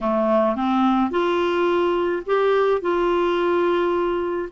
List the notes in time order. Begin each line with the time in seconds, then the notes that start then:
0.00 A3
0.55 C4
1.10 F4
2.26 G4
2.81 F4